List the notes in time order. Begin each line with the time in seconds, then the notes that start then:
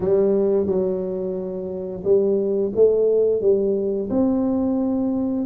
0.00 G3
0.66 F#3
2.03 G3
2.75 A3
3.41 G3
4.10 C4